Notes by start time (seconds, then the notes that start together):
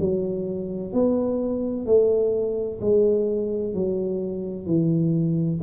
0.00 F#3
0.92 B3
1.86 A3
2.81 G#3
3.74 F#3
4.66 E3